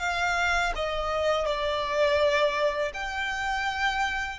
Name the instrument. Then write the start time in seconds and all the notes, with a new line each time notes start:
violin
0.00 F5
0.76 D#5
1.46 D5
2.94 G5